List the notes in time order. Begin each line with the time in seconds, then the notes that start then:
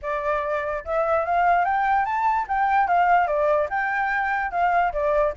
0.02 D5
0.84 E5
1.25 F5
1.64 G5
2.05 A5
2.48 G5
2.87 F5
3.27 D5
3.69 G5
4.51 F5
4.92 D5